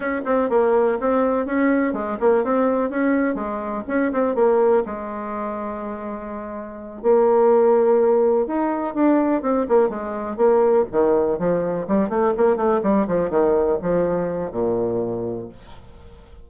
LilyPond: \new Staff \with { instrumentName = "bassoon" } { \time 4/4 \tempo 4 = 124 cis'8 c'8 ais4 c'4 cis'4 | gis8 ais8 c'4 cis'4 gis4 | cis'8 c'8 ais4 gis2~ | gis2~ gis8 ais4.~ |
ais4. dis'4 d'4 c'8 | ais8 gis4 ais4 dis4 f8~ | f8 g8 a8 ais8 a8 g8 f8 dis8~ | dis8 f4. ais,2 | }